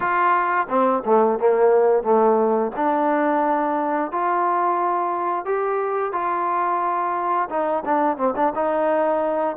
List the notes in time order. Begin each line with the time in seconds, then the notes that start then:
0.00 F4
0.68 C4
1.05 A3
1.39 A#3
2.03 A3
2.76 D4
4.11 F4
5.45 G4
6.12 F4
7.49 D#4
7.85 D4
8.17 C4
8.36 D4
8.55 D#4